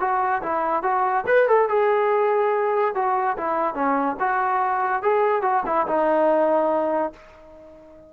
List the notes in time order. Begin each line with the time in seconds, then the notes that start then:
0.00 F#4
0.42 E4
0.83 F#4
1.27 B4
1.48 A4
1.69 G#4
2.95 F#4
3.37 E4
3.74 C#4
4.20 F#4
5.02 G#4
5.42 F#4
5.66 E4
5.87 D#4